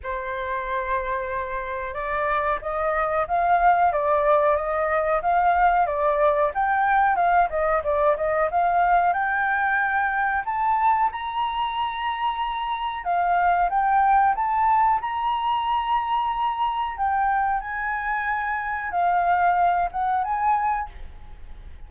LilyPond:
\new Staff \with { instrumentName = "flute" } { \time 4/4 \tempo 4 = 92 c''2. d''4 | dis''4 f''4 d''4 dis''4 | f''4 d''4 g''4 f''8 dis''8 | d''8 dis''8 f''4 g''2 |
a''4 ais''2. | f''4 g''4 a''4 ais''4~ | ais''2 g''4 gis''4~ | gis''4 f''4. fis''8 gis''4 | }